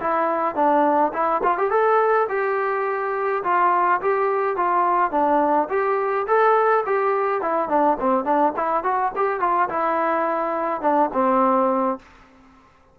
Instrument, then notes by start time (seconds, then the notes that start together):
trombone
0.00 E4
0.55 D4
1.13 E4
1.44 F4
1.58 G4
1.71 A4
2.29 G4
3.44 F4
4.02 G4
4.57 F4
5.12 D4
5.69 G4
6.28 A4
6.86 G4
7.42 E4
7.69 D4
8.00 C4
8.24 D4
8.57 E4
8.84 F#4
9.16 G4
9.40 F4
9.69 E4
10.82 D4
11.14 C4